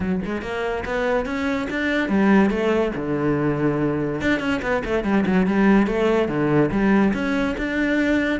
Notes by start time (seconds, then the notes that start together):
0.00 F#3
0.24 G#3
0.42 A#3
0.85 B3
1.25 C#4
1.70 D4
2.08 G3
2.50 A3
2.95 D3
4.21 D4
4.39 C#4
4.62 B3
4.84 A3
5.03 G3
5.26 F#3
5.46 G3
5.86 A3
6.28 D3
6.71 G3
7.13 C#4
7.57 D4